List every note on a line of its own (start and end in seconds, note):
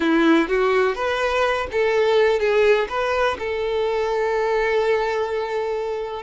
0.00 0.48 E4
0.48 0.95 F#4
0.95 1.67 B4
1.71 2.39 A4
2.39 2.87 G#4
2.89 3.37 B4
3.39 6.23 A4